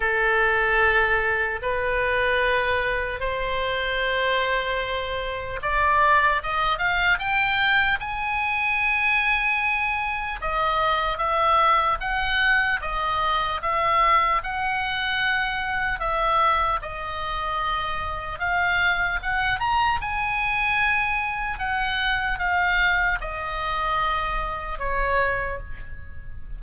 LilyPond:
\new Staff \with { instrumentName = "oboe" } { \time 4/4 \tempo 4 = 75 a'2 b'2 | c''2. d''4 | dis''8 f''8 g''4 gis''2~ | gis''4 dis''4 e''4 fis''4 |
dis''4 e''4 fis''2 | e''4 dis''2 f''4 | fis''8 ais''8 gis''2 fis''4 | f''4 dis''2 cis''4 | }